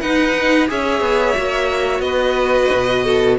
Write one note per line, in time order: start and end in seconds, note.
0.00 0.70 D#4
0.00 0.68 D#4
0.00 0.69 B4
0.00 0.67 F#5
0.68 1.01 C#4
0.68 1.35 G#4
0.68 2.04 C#5
0.68 2.01 E5
1.01 1.35 B3
1.37 2.00 A#3
1.37 3.38 F#4
2.00 2.67 B3
2.00 3.04 B4
2.00 3.36 D#5
2.73 3.38 B2
3.04 3.38 A4